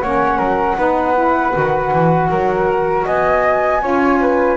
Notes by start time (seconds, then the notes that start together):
0.00 A#3 C#4 C#5 F#5
0.38 F#3 A#4
0.78 B3 D#4 B4
1.16 E4
1.51 D#3 F#4
1.92 E3
2.30 F#3 A#4
3.06 B3 D#5 G#5
3.81 C#4 F4 C#5
4.21 B4